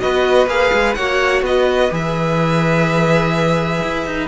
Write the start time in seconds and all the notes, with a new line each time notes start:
0.00 B3 F#4 B4 D#5
0.47 A#3 G#4 F5
0.73 G#3
0.95 A#3 F#4 C#5 F#5
1.42 B3 B4 D#5
1.90 E3 G#4 E5
3.83 E4
4.06 D#4